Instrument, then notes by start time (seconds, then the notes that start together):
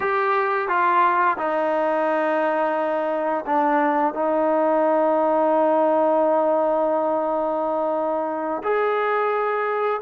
trombone
0.00 G4
0.68 F4
1.38 D#4
3.46 D4
4.14 D#4
8.63 G#4